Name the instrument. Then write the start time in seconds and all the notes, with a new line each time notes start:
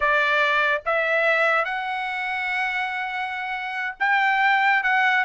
trumpet
0.00 D5
0.85 E5
1.64 F#5
3.99 G5
4.83 F#5